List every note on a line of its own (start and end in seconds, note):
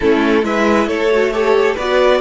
0.00 0.43 A3
0.00 0.42 C#4
0.00 0.44 E4
0.00 0.44 A4
0.42 0.86 G#3
0.42 1.08 E4
0.42 0.86 B4
0.42 0.88 E5
0.86 1.75 A3
0.86 1.30 A4
0.86 1.32 C#5
1.10 1.32 F#4
1.32 1.77 G4
1.32 1.76 A4
1.32 1.74 C#5
1.74 2.21 B3
1.74 2.21 F#4
1.74 2.18 B4
1.74 2.21 D5